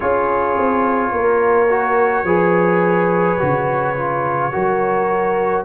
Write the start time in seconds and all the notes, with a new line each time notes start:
0.00 C#4 F4 G#4 C#5
0.58 C4
1.12 A#3 A#4
1.69 F#4
2.24 F3 G#4 B4
3.38 C#3 F#4
3.96 F4
4.52 F#3 F#4 A#4